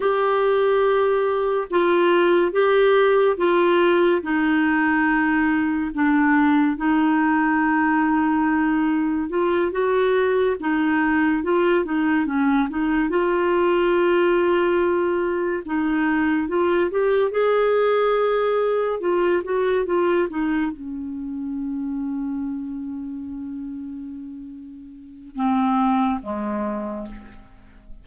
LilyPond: \new Staff \with { instrumentName = "clarinet" } { \time 4/4 \tempo 4 = 71 g'2 f'4 g'4 | f'4 dis'2 d'4 | dis'2. f'8 fis'8~ | fis'8 dis'4 f'8 dis'8 cis'8 dis'8 f'8~ |
f'2~ f'8 dis'4 f'8 | g'8 gis'2 f'8 fis'8 f'8 | dis'8 cis'2.~ cis'8~ | cis'2 c'4 gis4 | }